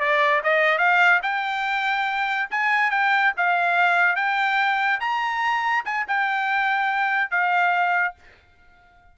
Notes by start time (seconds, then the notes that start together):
0.00 D5
0.44 D#5
0.79 F5
1.23 G5
2.51 G#5
2.91 G5
3.38 F5
4.16 G5
5.01 A#5
5.86 G#5
6.08 G5
7.31 F5